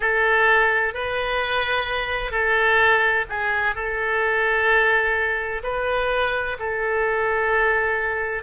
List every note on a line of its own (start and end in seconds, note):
0.00 0.94 A4
0.94 2.31 B4
2.31 3.25 A4
3.29 3.75 G#4
3.75 5.62 A4
5.63 6.57 B4
6.59 8.43 A4